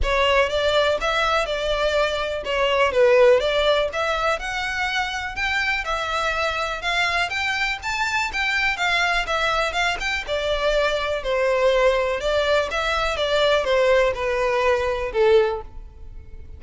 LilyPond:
\new Staff \with { instrumentName = "violin" } { \time 4/4 \tempo 4 = 123 cis''4 d''4 e''4 d''4~ | d''4 cis''4 b'4 d''4 | e''4 fis''2 g''4 | e''2 f''4 g''4 |
a''4 g''4 f''4 e''4 | f''8 g''8 d''2 c''4~ | c''4 d''4 e''4 d''4 | c''4 b'2 a'4 | }